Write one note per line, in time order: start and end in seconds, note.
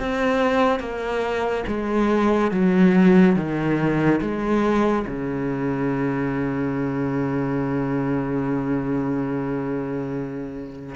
0.00 0.80 C4
0.80 1.64 A#3
1.67 2.52 G#3
2.52 3.36 F#3
3.36 4.21 D#3
4.21 5.06 G#3
5.07 10.96 C#3